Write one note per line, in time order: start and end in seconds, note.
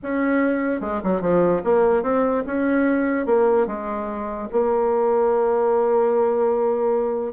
0.02 0.81 C#4
0.81 1.01 G#3
1.03 1.21 F#3
1.21 1.62 F3
1.64 2.02 A#3
2.02 2.43 C4
2.46 3.26 C#4
3.26 3.66 A#3
3.66 4.48 G#3
4.52 7.32 A#3